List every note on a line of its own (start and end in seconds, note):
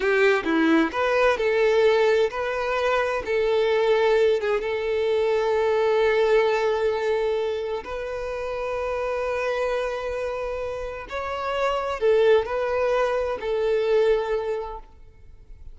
0.00 0.43 G4
0.44 0.90 E4
0.92 1.37 B4
1.37 2.30 A4
2.30 3.22 B4
3.25 4.40 A4
4.40 4.60 G#4
4.60 7.83 A4
7.84 11.07 B4
11.09 12.00 C#5
12.00 12.45 A4
12.45 13.38 B4
13.40 14.79 A4